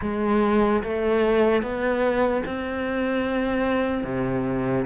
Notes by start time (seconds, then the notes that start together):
0.01 G#3
0.83 A3
1.62 B3
2.45 C4
4.04 C3